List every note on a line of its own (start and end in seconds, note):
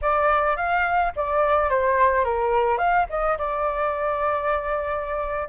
0.01 0.56 D5
0.56 1.12 F5
1.16 1.69 D5
1.69 2.24 C5
2.24 2.78 A#4
2.78 3.06 F5
3.09 3.37 D#5
3.38 5.48 D5